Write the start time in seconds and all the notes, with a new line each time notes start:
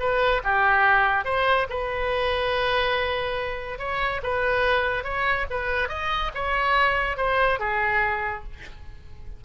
0.00 B4
0.44 G4
1.25 C5
1.70 B4
3.79 C#5
4.23 B4
5.04 C#5
5.50 B4
5.89 D#5
6.35 C#5
7.18 C5
7.60 G#4